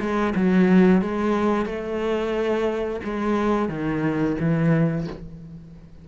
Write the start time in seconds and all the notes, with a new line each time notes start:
0.00 G#3
0.35 F#3
1.02 G#3
1.65 A3
3.04 G#3
3.69 D#3
4.40 E3